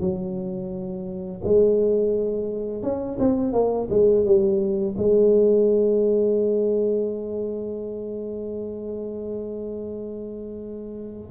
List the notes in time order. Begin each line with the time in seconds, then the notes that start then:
0.00 F#3
1.43 G#3
2.82 C#4
3.19 C4
3.52 A#3
3.90 G#3
4.25 G3
4.97 G#3